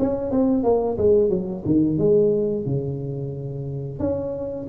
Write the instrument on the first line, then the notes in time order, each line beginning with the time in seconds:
tuba
0.00 C#4
0.31 C4
0.64 A#3
0.98 G#3
1.30 F#3
1.66 D#3
1.99 G#3
2.66 C#3
4.00 C#4